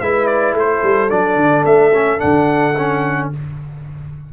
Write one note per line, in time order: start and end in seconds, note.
0.00 0.53 G#3
0.00 1.10 E4
0.00 0.58 B4
0.00 0.26 E5
0.26 0.54 D5
0.53 0.80 A3
0.53 3.31 A4
0.59 1.10 C5
0.83 1.10 G3
1.10 1.36 F#3
1.10 1.92 D4
1.10 1.64 D5
1.36 1.63 D3
1.65 2.19 A3
1.65 2.20 E5
1.94 2.19 C#4
2.19 3.33 D3
2.19 2.73 D4
2.19 3.29 F#5
2.78 3.32 C#4